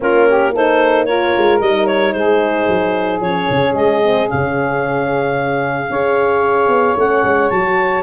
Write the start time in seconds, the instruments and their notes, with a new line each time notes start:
0.00 tuba A#3, horn C#4, saxophone F4, clarinet A#4
0.28 saxophone G4
0.52 horn D#4, saxophone A4, clarinet C5
1.05 horn F4, saxophone A#4, clarinet C#5
1.37 tuba G#3
1.60 tuba G3, horn D#4, clarinet D#5
1.86 clarinet C#5
2.12 tuba G#3, saxophone G#4, clarinet C5
2.68 tuba F#3
3.20 tuba F3, horn C#4, clarinet C#5
3.50 tuba C#3
3.73 tuba G#3, clarinet D#5
4.02 horn C4
4.27 tuba C#3, horn C#4, clarinet F5
5.89 tuba C#4, horn G#4, saxophone C#5
6.68 tuba B3
6.96 tuba A3, horn C#4, clarinet F#5
7.23 tuba G#3
7.49 tuba F#3, horn F#4, clarinet A5